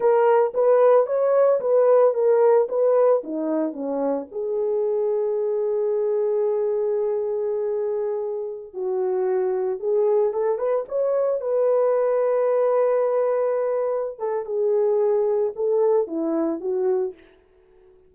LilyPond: \new Staff \with { instrumentName = "horn" } { \time 4/4 \tempo 4 = 112 ais'4 b'4 cis''4 b'4 | ais'4 b'4 dis'4 cis'4 | gis'1~ | gis'1~ |
gis'16 fis'2 gis'4 a'8 b'16~ | b'16 cis''4 b'2~ b'8.~ | b'2~ b'8 a'8 gis'4~ | gis'4 a'4 e'4 fis'4 | }